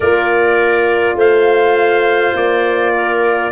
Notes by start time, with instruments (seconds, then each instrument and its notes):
0.00 tuba A#3, horn F4, clarinet A#4, trumpet D5
1.14 tuba A3, clarinet C5, trumpet F5
2.33 tuba A#3, trumpet D5
2.94 clarinet A#4